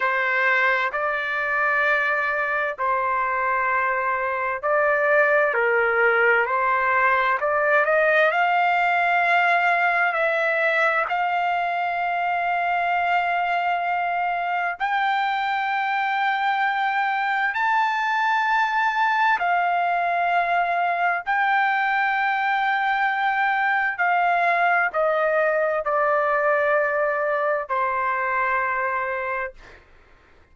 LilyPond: \new Staff \with { instrumentName = "trumpet" } { \time 4/4 \tempo 4 = 65 c''4 d''2 c''4~ | c''4 d''4 ais'4 c''4 | d''8 dis''8 f''2 e''4 | f''1 |
g''2. a''4~ | a''4 f''2 g''4~ | g''2 f''4 dis''4 | d''2 c''2 | }